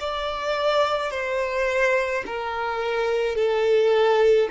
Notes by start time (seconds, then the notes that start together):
0.00 D5
1.11 C5
2.26 A#4
3.35 A4